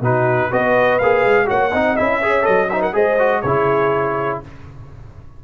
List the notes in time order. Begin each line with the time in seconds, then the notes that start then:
0.00 B2 D#4 F#4 B4
0.47 B3 F#4 B4 D#5
0.98 A#3 G#4 F5
1.24 G#3
1.45 A#3 F#4 C#5 F#5
1.71 C4 D#4 D#5
1.96 C#4 E4 E5
2.20 G#4 C#5
2.42 F#3 A4 D#5
2.69 D#4 C5 E5
2.81 A#4 F#5
2.92 G#3 G#4 C5 D#5
3.19 F#4
3.41 C#3 E4 G#4 C#5